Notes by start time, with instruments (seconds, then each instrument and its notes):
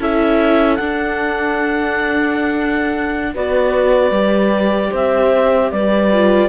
0.00 cello C#4, viola E4, horn A4, clarinet E5
0.76 cello D4, viola D4, clarinet F#5
3.34 cello B3, viola F#4, horn B4, clarinet D5
4.11 cello G3, viola G4
4.91 cello C4, horn C5, clarinet E5
5.72 cello G3, horn B4, clarinet D5
6.12 viola F4